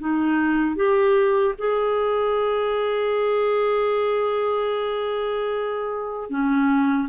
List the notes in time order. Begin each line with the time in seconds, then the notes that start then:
0.00 D#4
0.76 G4
1.58 G#4
6.30 C#4